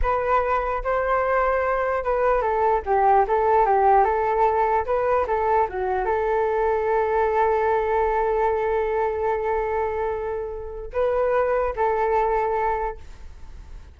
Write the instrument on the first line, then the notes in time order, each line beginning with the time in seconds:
flute
0.02 B4
0.83 C5
2.03 B4
2.41 A4
2.85 G4
3.27 A4
3.65 G4
4.04 A4
4.85 B4
5.27 A4
5.69 F#4
6.05 A4
10.93 B4
11.76 A4